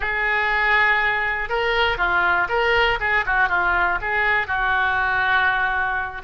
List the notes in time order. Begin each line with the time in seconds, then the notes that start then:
0.00 G#4
1.49 A#4
1.97 F4
2.49 A#4
3.00 G#4
3.26 F#4
3.48 F4
4.01 G#4
4.47 F#4